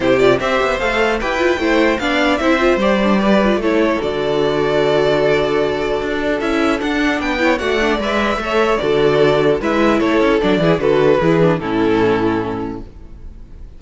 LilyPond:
<<
  \new Staff \with { instrumentName = "violin" } { \time 4/4 \tempo 4 = 150 c''8 d''8 e''4 f''4 g''4~ | g''4 f''4 e''4 d''4~ | d''4 cis''4 d''2~ | d''1 |
e''4 fis''4 g''4 fis''4 | e''2 d''2 | e''4 cis''4 d''4 b'4~ | b'4 a'2. | }
  \new Staff \with { instrumentName = "violin" } { \time 4/4 g'4 c''2 b'4 | c''4 d''4 c''2 | b'4 a'2.~ | a'1~ |
a'2 b'8 cis''8 d''4~ | d''4 cis''4 a'2 | b'4 a'4. gis'8 a'4 | gis'4 e'2. | }
  \new Staff \with { instrumentName = "viola" } { \time 4/4 e'8 f'8 g'4 a'4 g'8 f'8 | e'4 d'4 e'8 f'8 g'8 d'8 | g'8 f'8 e'4 fis'2~ | fis'1 |
e'4 d'4. e'8 fis'8 d'8 | b'4 a'4 fis'2 | e'2 d'8 e'8 fis'4 | e'8 d'8 cis'2. | }
  \new Staff \with { instrumentName = "cello" } { \time 4/4 c4 c'8 b8 a4 e'4 | a4 b4 c'4 g4~ | g4 a4 d2~ | d2. d'4 |
cis'4 d'4 b4 a4 | gis4 a4 d2 | gis4 a8 cis'8 fis8 e8 d4 | e4 a,2. | }
>>